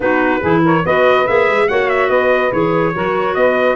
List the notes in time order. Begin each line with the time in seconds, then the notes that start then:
0.00 B3 D#4 F#4 B4
0.40 E3 E4 G#4
0.64 A#4 C#5
0.84 B3 F#4 B4 D#5
1.26 A#3 G#4 E5
1.48 G#3
1.67 A#3 F#4 C#5 F#5
1.89 E5
2.08 B3 B4 D#5
2.51 E3 G#4 C#5
2.94 F#3 F#4 A#4
3.34 B3 B4 D#5